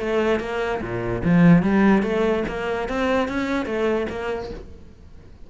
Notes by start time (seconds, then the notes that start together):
0.00 A3
0.40 A#3
0.82 A#2
1.24 F3
1.63 G3
2.03 A3
2.48 A#3
2.89 C4
3.28 C#4
3.66 A3
4.10 A#3